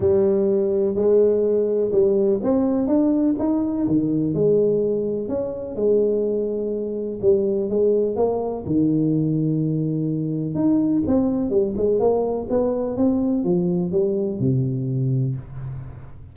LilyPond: \new Staff \with { instrumentName = "tuba" } { \time 4/4 \tempo 4 = 125 g2 gis2 | g4 c'4 d'4 dis'4 | dis4 gis2 cis'4 | gis2. g4 |
gis4 ais4 dis2~ | dis2 dis'4 c'4 | g8 gis8 ais4 b4 c'4 | f4 g4 c2 | }